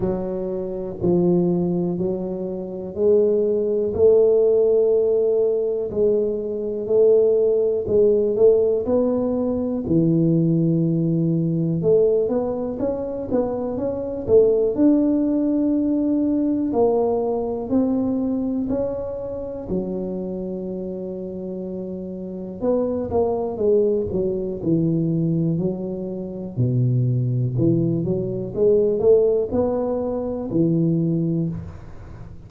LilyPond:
\new Staff \with { instrumentName = "tuba" } { \time 4/4 \tempo 4 = 61 fis4 f4 fis4 gis4 | a2 gis4 a4 | gis8 a8 b4 e2 | a8 b8 cis'8 b8 cis'8 a8 d'4~ |
d'4 ais4 c'4 cis'4 | fis2. b8 ais8 | gis8 fis8 e4 fis4 b,4 | e8 fis8 gis8 a8 b4 e4 | }